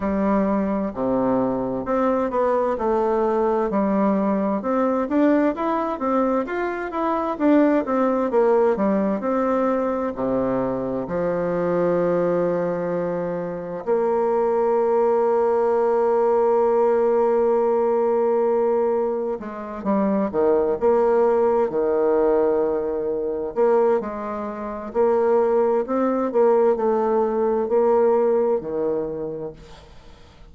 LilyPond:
\new Staff \with { instrumentName = "bassoon" } { \time 4/4 \tempo 4 = 65 g4 c4 c'8 b8 a4 | g4 c'8 d'8 e'8 c'8 f'8 e'8 | d'8 c'8 ais8 g8 c'4 c4 | f2. ais4~ |
ais1~ | ais4 gis8 g8 dis8 ais4 dis8~ | dis4. ais8 gis4 ais4 | c'8 ais8 a4 ais4 dis4 | }